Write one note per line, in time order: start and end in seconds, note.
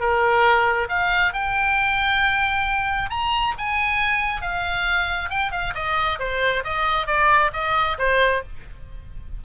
0.00 0.88 A#4
0.89 1.33 F5
1.33 3.10 G5
3.10 3.54 A#5
3.58 4.42 G#5
4.42 5.30 F5
5.30 5.51 G5
5.51 5.74 F5
5.75 6.19 D#5
6.19 6.64 C5
6.64 7.07 D#5
7.07 7.51 D5
7.53 7.97 D#5
7.98 8.42 C5